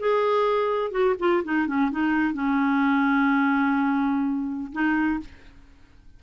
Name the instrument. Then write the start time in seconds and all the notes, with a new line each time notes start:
clarinet
0.00 G#4
0.92 F#4
1.20 F4
1.44 D#4
1.68 C#4
1.92 D#4
2.34 C#4
4.73 D#4